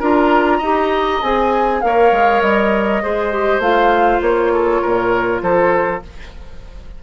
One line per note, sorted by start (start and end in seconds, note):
0.00 0.61 D4
0.00 0.61 F4
0.00 0.58 A#4
0.00 1.22 A#5
0.58 1.22 D#4
0.58 1.23 G4
0.58 1.79 D#5
1.22 1.83 C4
1.22 1.83 G#4
1.22 1.81 G#5
1.81 2.12 A#3
1.81 3.03 A#4
1.81 3.03 C#5
1.81 2.41 F5
2.12 2.42 G#3
2.41 3.02 G3
2.41 3.61 D#5
3.03 3.59 G#3
3.03 3.33 G#4
3.03 4.53 C5
3.33 3.62 G4
3.59 4.19 A3
3.59 6.03 F4
3.59 4.21 F5
4.22 4.82 A#3
4.22 5.42 C#5
4.53 4.82 A4
4.82 5.42 A#2
4.82 5.42 A#4
5.42 6.03 F3
5.42 6.03 A4
5.42 6.03 C5